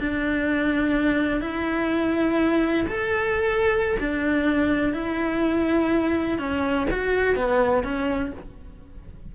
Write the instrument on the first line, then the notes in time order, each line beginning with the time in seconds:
cello
0.00 D4
1.41 E4
2.88 A4
4.00 D4
4.93 E4
6.38 C#4
6.91 F#4
7.36 B3
7.84 C#4